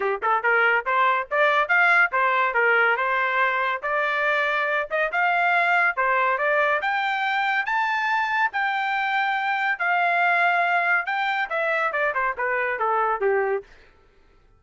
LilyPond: \new Staff \with { instrumentName = "trumpet" } { \time 4/4 \tempo 4 = 141 g'8 a'8 ais'4 c''4 d''4 | f''4 c''4 ais'4 c''4~ | c''4 d''2~ d''8 dis''8 | f''2 c''4 d''4 |
g''2 a''2 | g''2. f''4~ | f''2 g''4 e''4 | d''8 c''8 b'4 a'4 g'4 | }